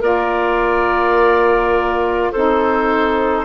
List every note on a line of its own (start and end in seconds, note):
0.00 2.32 A#3
0.00 2.33 F4
0.00 2.31 A#4
0.00 2.33 D5
2.31 3.46 C4
2.31 3.46 D#4
2.31 3.46 A4
2.31 3.46 C5